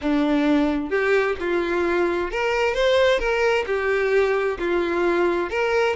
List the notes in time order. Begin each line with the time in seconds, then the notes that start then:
0.01 D4
0.90 G4
1.39 F4
2.31 A#4
2.74 C5
3.19 A#4
3.66 G4
4.58 F4
5.50 A#4